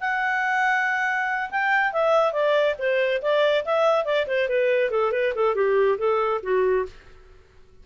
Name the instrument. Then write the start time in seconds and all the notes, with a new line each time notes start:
clarinet
0.00 F#5
1.51 G5
1.93 E5
2.33 D5
2.78 C5
3.22 D5
3.65 E5
4.05 D5
4.27 C5
4.49 B4
4.91 A4
5.12 B4
5.35 A4
5.55 G4
5.98 A4
6.43 F#4